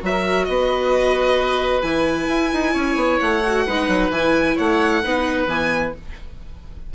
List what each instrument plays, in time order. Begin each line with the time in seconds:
0.00 bassoon F#3, viola F#4, oboe B4, violin E5
0.11 oboe A#4
0.45 bassoon B3, oboe B4, violin D#5
1.82 bassoon E3, viola E4, violin G#5
2.28 bassoon E4
2.53 bassoon D#4
2.73 bassoon C#4, oboe C#5
2.95 bassoon B3
3.20 bassoon A3, violin F#5
3.47 viola F#4
3.66 bassoon G#3, viola D#4, oboe B4
3.87 bassoon F#3
4.09 bassoon E3, viola E4, violin G#5
4.55 bassoon A3, oboe C#5, violin F#5
5.03 bassoon B3, viola D#4, oboe B4
5.46 bassoon E3, viola B3, violin G#5